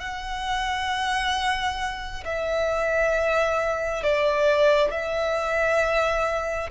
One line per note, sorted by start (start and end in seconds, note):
0.00 2.24 F#5
2.24 4.03 E5
4.03 4.91 D5
4.91 6.70 E5